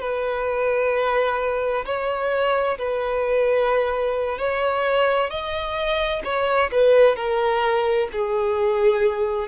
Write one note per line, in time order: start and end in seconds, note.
0.00 1.85 B4
1.85 2.77 C#5
2.78 4.38 B4
4.38 5.30 C#5
5.30 6.22 D#5
6.24 6.70 C#5
6.71 7.15 B4
7.15 8.08 A#4
8.12 9.48 G#4